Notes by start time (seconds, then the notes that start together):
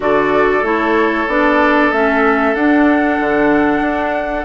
0.00 D3 F#4 A4 D5
0.62 A3 E4 C#5
1.27 B3 D4 D5
1.91 A3 C#4 E5
2.54 D4 F#5
3.19 D3
3.81 D4